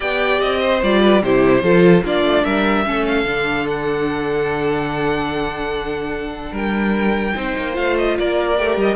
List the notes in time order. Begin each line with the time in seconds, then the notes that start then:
0.00 B3 G4 D5 G5
0.40 C4 D#5
0.59 C5
0.82 G3 F4 D5
1.02 B4
1.22 C3 E4 G4 C5
1.62 F3 F4 A4
2.03 A#3 D4 F4 D5
2.23 A3
2.44 G3 A#4 E5
2.85 A3 C#4 A4
3.06 F5
3.24 D3 D4
3.68 F#5
6.51 G3 A#4 G5
7.34 C4 D#4 C5
7.57 A#3
7.73 A3 F4 F5
7.97 D#5
8.18 A#3 A#4 D5
8.57 A3 G4
8.77 G3 D#5